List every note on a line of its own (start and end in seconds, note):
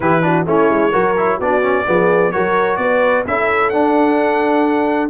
0.00 0.46 E3
0.00 0.22 E4
0.00 0.24 G4
0.00 0.46 B4
0.22 0.45 D4
0.22 0.47 F#4
0.46 0.69 A3
0.46 0.92 C#4
0.46 0.91 E4
0.46 1.40 C#5
0.69 0.92 G#3
0.91 1.39 F#3
0.91 1.15 F#4
0.91 1.38 A#4
1.17 1.40 E4
1.39 1.86 B3
1.39 1.61 D4
1.39 1.85 F#4
1.39 2.31 D5
1.61 1.85 C#4
1.87 2.35 F3
1.87 2.32 B3
1.87 2.32 G#4
2.31 2.77 F#3
2.31 3.25 F#4
2.31 2.79 A#4
2.31 2.76 C#5
2.76 3.24 B3
2.76 3.27 B4
2.76 3.23 D5
3.26 3.73 C#4
3.26 3.72 E4
3.26 5.09 A4
3.26 3.69 E5
3.69 5.09 D4
3.69 5.09 F#5